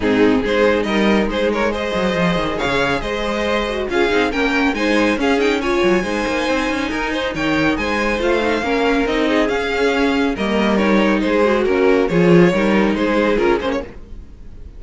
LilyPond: <<
  \new Staff \with { instrumentName = "violin" } { \time 4/4 \tempo 4 = 139 gis'4 c''4 dis''4 c''8 cis''8 | dis''2 f''4 dis''4~ | dis''4 f''4 g''4 gis''4 | f''8 g''8 gis''2.~ |
gis''4 g''4 gis''4 f''4~ | f''4 dis''4 f''2 | dis''4 cis''4 c''4 ais'4 | cis''2 c''4 ais'8 c''16 cis''16 | }
  \new Staff \with { instrumentName = "violin" } { \time 4/4 dis'4 gis'4 ais'4 gis'8 ais'8 | c''2 cis''4 c''4~ | c''4 gis'4 ais'4 c''4 | gis'4 cis''4 c''2 |
ais'8 c''8 cis''4 c''2 | ais'4. gis'2~ gis'8 | ais'2 gis'4 cis'4 | gis'4 ais'4 gis'2 | }
  \new Staff \with { instrumentName = "viola" } { \time 4/4 c'4 dis'2. | gis'1~ | gis'8 fis'8 f'8 dis'8 cis'4 dis'4 | cis'8 dis'8 f'4 dis'2~ |
dis'2. f'8 dis'8 | cis'4 dis'4 cis'2 | ais4 dis'4. fis'4. | f'4 dis'2 f'8 cis'8 | }
  \new Staff \with { instrumentName = "cello" } { \time 4/4 gis,4 gis4 g4 gis4~ | gis8 fis8 f8 dis8 cis4 gis4~ | gis4 cis'8 c'8 ais4 gis4 | cis'4. fis8 gis8 ais8 c'8 cis'8 |
dis'4 dis4 gis4 a4 | ais4 c'4 cis'2 | g2 gis4 ais4 | f4 g4 gis4 cis'8 ais8 | }
>>